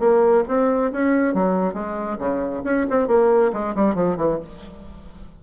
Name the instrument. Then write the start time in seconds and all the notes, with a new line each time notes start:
bassoon
0.00 A#3
0.48 C4
0.92 C#4
1.34 F#3
1.74 G#3
2.19 C#3
2.64 C#4
2.90 C4
3.08 A#3
3.53 G#3
3.76 G3
3.95 F3
4.17 E3